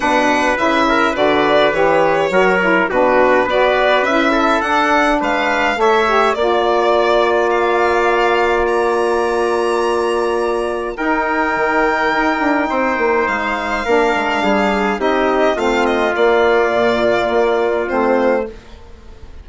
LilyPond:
<<
  \new Staff \with { instrumentName = "violin" } { \time 4/4 \tempo 4 = 104 fis''4 e''4 d''4 cis''4~ | cis''4 b'4 d''4 e''4 | fis''4 f''4 e''4 d''4~ | d''4 f''2 ais''4~ |
ais''2. g''4~ | g''2. f''4~ | f''2 dis''4 f''8 dis''8 | d''2. c''4 | }
  \new Staff \with { instrumentName = "trumpet" } { \time 4/4 b'4. ais'8 b'2 | ais'4 fis'4 b'4. a'8~ | a'4 b'4 cis''4 d''4~ | d''1~ |
d''2. ais'4~ | ais'2 c''2 | ais'4 gis'4 g'4 f'4~ | f'1 | }
  \new Staff \with { instrumentName = "saxophone" } { \time 4/4 d'4 e'4 fis'4 g'4 | fis'8 e'8 d'4 fis'4 e'4 | d'2 a'8 g'8 f'4~ | f'1~ |
f'2. dis'4~ | dis'1 | d'2 dis'4 c'4 | ais2. c'4 | }
  \new Staff \with { instrumentName = "bassoon" } { \time 4/4 b,4 cis4 d4 e4 | fis4 b,4 b4 cis'4 | d'4 gis4 a4 ais4~ | ais1~ |
ais2. dis'4 | dis4 dis'8 d'8 c'8 ais8 gis4 | ais8 gis8 g4 c'4 a4 | ais4 ais,4 ais4 a4 | }
>>